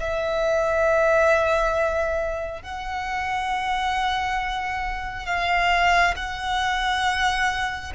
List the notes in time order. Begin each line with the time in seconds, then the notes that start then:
0.00 E5
2.62 F#5
5.26 F5
6.16 F#5